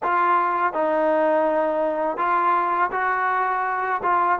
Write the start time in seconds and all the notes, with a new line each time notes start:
0.02 F4
0.73 D#4
2.17 F4
2.91 F#4
4.02 F4